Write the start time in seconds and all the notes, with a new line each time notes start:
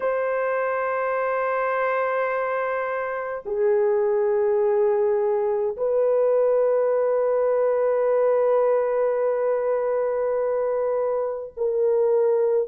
0.00 C5
3.45 G#4
5.76 B4
11.56 A#4